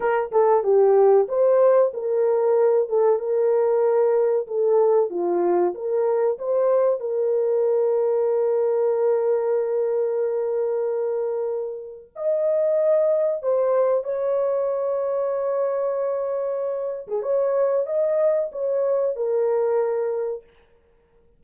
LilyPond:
\new Staff \with { instrumentName = "horn" } { \time 4/4 \tempo 4 = 94 ais'8 a'8 g'4 c''4 ais'4~ | ais'8 a'8 ais'2 a'4 | f'4 ais'4 c''4 ais'4~ | ais'1~ |
ais'2. dis''4~ | dis''4 c''4 cis''2~ | cis''2~ cis''8. gis'16 cis''4 | dis''4 cis''4 ais'2 | }